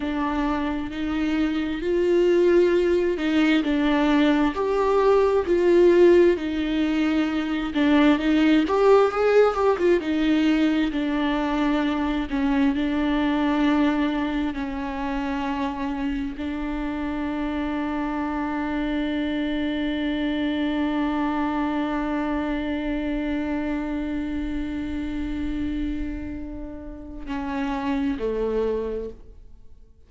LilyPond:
\new Staff \with { instrumentName = "viola" } { \time 4/4 \tempo 4 = 66 d'4 dis'4 f'4. dis'8 | d'4 g'4 f'4 dis'4~ | dis'8 d'8 dis'8 g'8 gis'8 g'16 f'16 dis'4 | d'4. cis'8 d'2 |
cis'2 d'2~ | d'1~ | d'1~ | d'2 cis'4 a4 | }